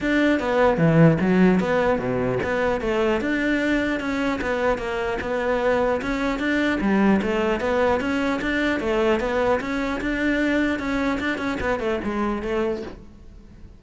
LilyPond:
\new Staff \with { instrumentName = "cello" } { \time 4/4 \tempo 4 = 150 d'4 b4 e4 fis4 | b4 b,4 b4 a4 | d'2 cis'4 b4 | ais4 b2 cis'4 |
d'4 g4 a4 b4 | cis'4 d'4 a4 b4 | cis'4 d'2 cis'4 | d'8 cis'8 b8 a8 gis4 a4 | }